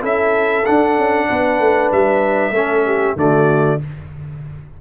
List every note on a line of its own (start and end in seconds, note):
0.00 0.65 C#4
0.00 0.62 E4
0.00 1.26 A4
0.00 0.65 E5
0.65 2.54 D4
0.65 0.97 D4
0.65 1.90 F#5
0.97 1.28 C#4
1.29 1.59 B3
1.29 2.54 B4
1.59 1.90 A3
1.91 2.50 G3
1.91 3.17 E5
2.50 3.13 A3
2.50 3.17 C#4
2.50 2.85 A4
2.85 3.17 G4
3.16 3.79 D3
3.16 3.79 A3
3.16 3.80 F#4
3.16 3.81 D5